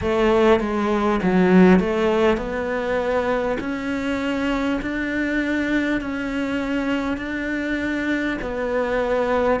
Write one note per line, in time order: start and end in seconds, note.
0.01 0.59 A3
0.59 1.19 G#3
1.23 1.79 F#3
1.79 2.37 A3
2.37 3.57 B3
3.59 4.79 C#4
4.81 6.00 D4
6.00 7.17 C#4
7.17 8.37 D4
8.41 9.60 B3